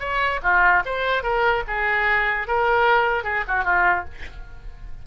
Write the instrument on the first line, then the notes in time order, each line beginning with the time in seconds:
oboe
0.00 C#5
0.43 F4
0.86 C5
1.23 A#4
1.68 G#4
2.47 A#4
3.24 G#4
3.48 F#4
3.64 F4